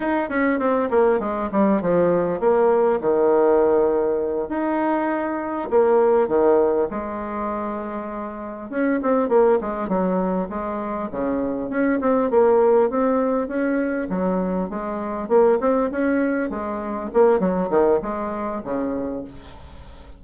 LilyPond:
\new Staff \with { instrumentName = "bassoon" } { \time 4/4 \tempo 4 = 100 dis'8 cis'8 c'8 ais8 gis8 g8 f4 | ais4 dis2~ dis8 dis'8~ | dis'4. ais4 dis4 gis8~ | gis2~ gis8 cis'8 c'8 ais8 |
gis8 fis4 gis4 cis4 cis'8 | c'8 ais4 c'4 cis'4 fis8~ | fis8 gis4 ais8 c'8 cis'4 gis8~ | gis8 ais8 fis8 dis8 gis4 cis4 | }